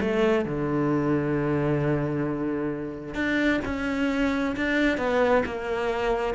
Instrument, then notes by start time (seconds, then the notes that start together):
cello
0.00 A3
0.45 D3
3.14 D4
3.64 C#4
4.56 D4
4.97 B3
5.45 A#3